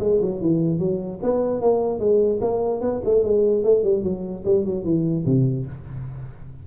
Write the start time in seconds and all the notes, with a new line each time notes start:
0.00 G#3
0.21 F#3
0.41 E3
0.79 F#3
1.23 B3
1.61 A#3
1.99 G#3
2.41 A#3
2.81 B3
3.05 A3
3.24 G#3
3.64 A3
3.83 G3
4.03 F#3
4.45 G3
4.65 F#3
4.84 E3
5.26 C3